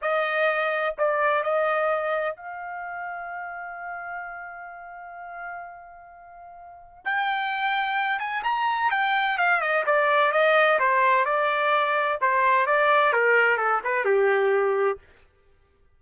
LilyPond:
\new Staff \with { instrumentName = "trumpet" } { \time 4/4 \tempo 4 = 128 dis''2 d''4 dis''4~ | dis''4 f''2.~ | f''1~ | f''2. g''4~ |
g''4. gis''8 ais''4 g''4 | f''8 dis''8 d''4 dis''4 c''4 | d''2 c''4 d''4 | ais'4 a'8 b'8 g'2 | }